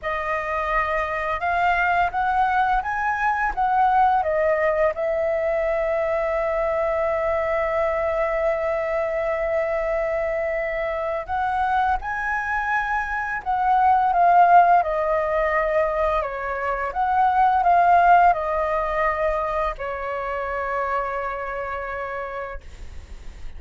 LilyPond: \new Staff \with { instrumentName = "flute" } { \time 4/4 \tempo 4 = 85 dis''2 f''4 fis''4 | gis''4 fis''4 dis''4 e''4~ | e''1~ | e''1 |
fis''4 gis''2 fis''4 | f''4 dis''2 cis''4 | fis''4 f''4 dis''2 | cis''1 | }